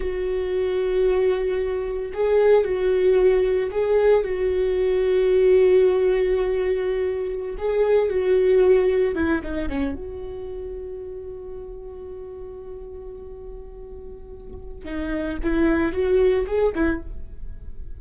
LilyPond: \new Staff \with { instrumentName = "viola" } { \time 4/4 \tempo 4 = 113 fis'1 | gis'4 fis'2 gis'4 | fis'1~ | fis'2~ fis'16 gis'4 fis'8.~ |
fis'4~ fis'16 e'8 dis'8 cis'8 fis'4~ fis'16~ | fis'1~ | fis'1 | dis'4 e'4 fis'4 gis'8 e'8 | }